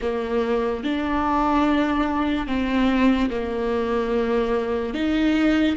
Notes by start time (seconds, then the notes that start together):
0.01 A#3
0.83 D4
2.47 C4
3.30 A#3
4.94 D#4